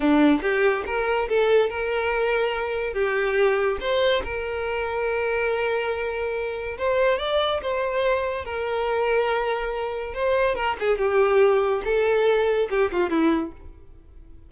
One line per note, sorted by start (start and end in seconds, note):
0.00 0.40 D4
0.42 0.84 G4
0.86 1.28 A#4
1.28 1.69 A4
1.69 2.93 A#4
2.93 3.78 G4
3.80 4.22 C5
4.24 6.77 A#4
6.78 7.18 C5
7.18 7.60 D5
7.62 8.44 C5
8.44 10.14 A#4
10.14 10.55 C5
10.55 10.76 A#4
10.79 10.97 G#4
10.97 11.82 G4
11.84 12.68 A4
12.70 12.91 G4
12.92 13.09 F4
13.09 13.52 E4